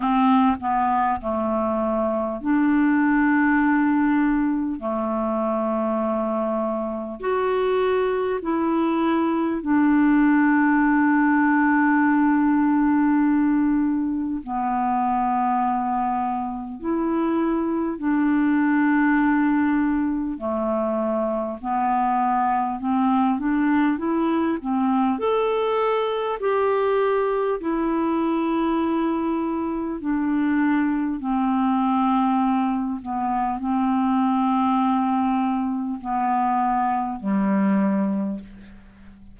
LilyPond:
\new Staff \with { instrumentName = "clarinet" } { \time 4/4 \tempo 4 = 50 c'8 b8 a4 d'2 | a2 fis'4 e'4 | d'1 | b2 e'4 d'4~ |
d'4 a4 b4 c'8 d'8 | e'8 c'8 a'4 g'4 e'4~ | e'4 d'4 c'4. b8 | c'2 b4 g4 | }